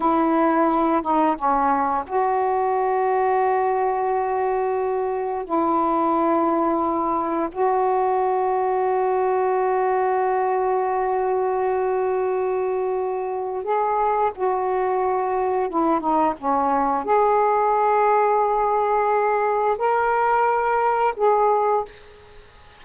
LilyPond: \new Staff \with { instrumentName = "saxophone" } { \time 4/4 \tempo 4 = 88 e'4. dis'8 cis'4 fis'4~ | fis'1 | e'2. fis'4~ | fis'1~ |
fis'1 | gis'4 fis'2 e'8 dis'8 | cis'4 gis'2.~ | gis'4 ais'2 gis'4 | }